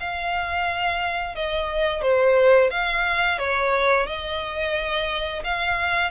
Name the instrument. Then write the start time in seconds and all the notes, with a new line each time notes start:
violin
0.00 F5
1.35 D#5
2.02 C5
2.70 F5
3.38 C#5
4.06 D#5
5.44 F5